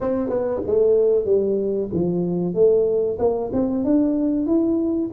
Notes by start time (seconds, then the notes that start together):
0.01 C4
0.29 B3
0.66 A3
1.25 G3
1.93 F3
2.54 A3
3.18 A#3
3.52 C4
3.84 D4
4.46 E4